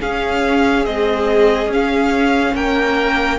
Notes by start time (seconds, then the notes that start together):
0.00 C#4 G#4 F5
0.86 G#3 C4 D#5
1.67 C#4
1.73 F5
2.55 A#3 A#4 G5